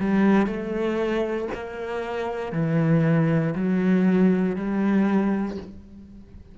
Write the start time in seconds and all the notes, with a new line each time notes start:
0.00 G3
0.46 A3
1.54 A#3
2.52 E3
3.55 F#3
4.56 G3